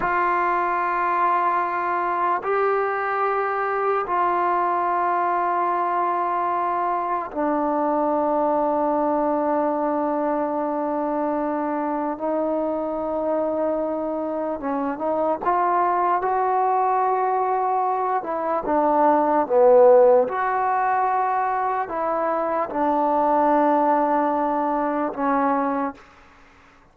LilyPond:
\new Staff \with { instrumentName = "trombone" } { \time 4/4 \tempo 4 = 74 f'2. g'4~ | g'4 f'2.~ | f'4 d'2.~ | d'2. dis'4~ |
dis'2 cis'8 dis'8 f'4 | fis'2~ fis'8 e'8 d'4 | b4 fis'2 e'4 | d'2. cis'4 | }